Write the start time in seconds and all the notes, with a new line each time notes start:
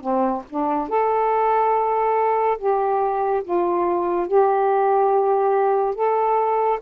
0.00 C4
0.50 D4
0.88 A4
2.58 G4
3.43 F4
4.27 G4
5.95 A4